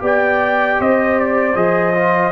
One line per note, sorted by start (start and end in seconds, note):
0.00 0.79 B3
0.00 1.54 G4
0.00 0.80 D5
0.00 0.82 G5
0.80 1.56 C4
0.80 2.32 C5
0.80 1.20 D#5
1.20 1.57 D5
1.56 2.32 F3
1.56 1.94 G#4
1.56 2.32 D#5
1.95 2.32 F4